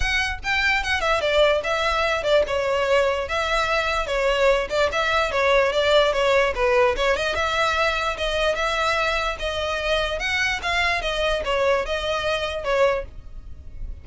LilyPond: \new Staff \with { instrumentName = "violin" } { \time 4/4 \tempo 4 = 147 fis''4 g''4 fis''8 e''8 d''4 | e''4. d''8 cis''2 | e''2 cis''4. d''8 | e''4 cis''4 d''4 cis''4 |
b'4 cis''8 dis''8 e''2 | dis''4 e''2 dis''4~ | dis''4 fis''4 f''4 dis''4 | cis''4 dis''2 cis''4 | }